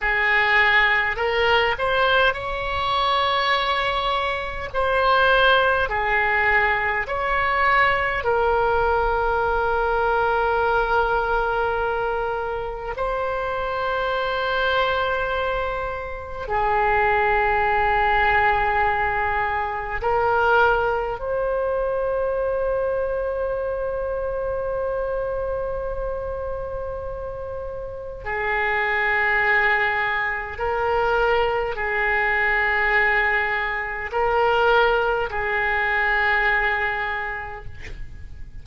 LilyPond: \new Staff \with { instrumentName = "oboe" } { \time 4/4 \tempo 4 = 51 gis'4 ais'8 c''8 cis''2 | c''4 gis'4 cis''4 ais'4~ | ais'2. c''4~ | c''2 gis'2~ |
gis'4 ais'4 c''2~ | c''1 | gis'2 ais'4 gis'4~ | gis'4 ais'4 gis'2 | }